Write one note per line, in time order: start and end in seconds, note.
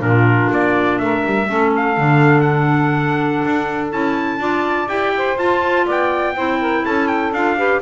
0.00 0.50 A#2
0.00 1.46 D4
0.00 1.02 F4
0.00 0.51 A#4
0.52 1.00 A#3
0.52 0.99 D5
0.99 1.24 A3
0.99 1.49 A#4
0.99 1.72 E5
1.26 1.49 G3
1.48 1.98 A3
1.48 1.97 C#4
1.48 4.41 A4
1.76 2.41 F5
1.98 3.44 D3
1.98 3.91 D4
2.41 3.87 F#5
3.45 3.93 D4
3.91 4.38 C#4
3.91 4.40 E4
3.91 4.89 A5
4.38 4.87 D4
4.38 4.88 F4
4.38 5.14 D5
4.88 5.37 E4
4.88 5.38 G4
4.88 5.38 G5
5.18 5.86 C5
5.37 5.86 F4
5.37 6.36 F4
5.37 5.87 A5
5.86 6.36 B3
5.86 6.35 D5
5.86 6.86 G5
6.36 6.85 C4
6.36 7.34 E4
6.36 6.60 C5
6.61 6.85 A#4
6.86 7.32 C#4
6.86 7.58 A4
6.86 7.08 A5
7.08 7.32 G5
7.32 7.81 D4
7.32 7.58 F4
7.32 7.82 F5
7.58 7.82 G4
7.58 7.82 B4